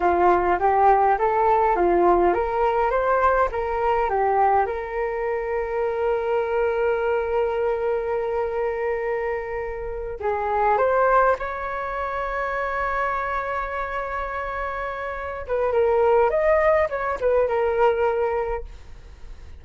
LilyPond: \new Staff \with { instrumentName = "flute" } { \time 4/4 \tempo 4 = 103 f'4 g'4 a'4 f'4 | ais'4 c''4 ais'4 g'4 | ais'1~ | ais'1~ |
ais'4. gis'4 c''4 cis''8~ | cis''1~ | cis''2~ cis''8 b'8 ais'4 | dis''4 cis''8 b'8 ais'2 | }